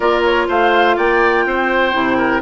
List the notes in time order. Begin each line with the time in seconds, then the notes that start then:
0.00 A#3 F4 A#4 D5
0.24 C#5
0.48 A3 C5 F5
0.96 A#3 D5 G5
1.46 C4 C5
1.93 C3 E4
2.17 A#4